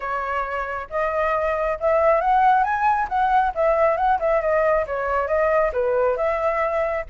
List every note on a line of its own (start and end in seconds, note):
0.00 0.87 C#5
0.90 1.78 D#5
1.80 2.20 E5
2.20 2.63 F#5
2.63 3.07 G#5
3.08 3.52 F#5
3.55 3.96 E5
3.96 4.18 F#5
4.19 4.41 E5
4.41 4.85 D#5
4.86 5.27 C#5
5.27 5.71 D#5
5.72 6.16 B4
6.16 7.04 E5